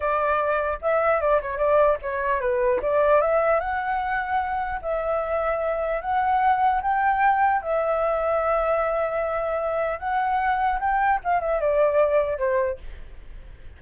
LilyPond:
\new Staff \with { instrumentName = "flute" } { \time 4/4 \tempo 4 = 150 d''2 e''4 d''8 cis''8 | d''4 cis''4 b'4 d''4 | e''4 fis''2. | e''2. fis''4~ |
fis''4 g''2 e''4~ | e''1~ | e''4 fis''2 g''4 | f''8 e''8 d''2 c''4 | }